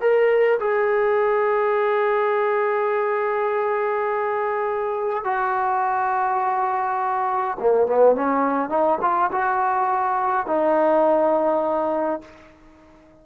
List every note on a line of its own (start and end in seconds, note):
0.00 0.58 A#4
0.59 5.24 G#4
5.24 7.57 F#4
7.59 7.86 A#3
7.86 8.15 B3
8.15 8.69 C#4
8.69 8.98 D#4
9.01 9.30 F4
9.31 10.46 F#4
10.46 12.21 D#4